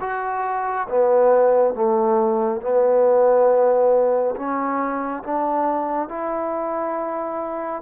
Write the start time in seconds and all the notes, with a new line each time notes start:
0.00 F#4
0.89 B3
1.74 A3
2.61 B3
4.36 C#4
5.23 D4
6.09 E4